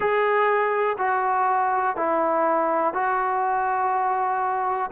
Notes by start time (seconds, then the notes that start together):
0.00 G#4
0.98 F#4
1.96 E4
2.93 F#4